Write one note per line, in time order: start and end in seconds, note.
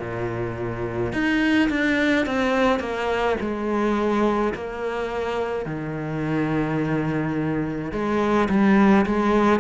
0.00 1.13 A#2
1.13 1.69 D#4
1.70 2.26 D4
2.26 2.80 C4
2.80 3.37 A#3
3.40 4.53 G#3
4.54 5.66 A#3
5.66 7.92 D#3
7.92 8.49 G#3
8.49 9.06 G3
9.06 9.60 G#3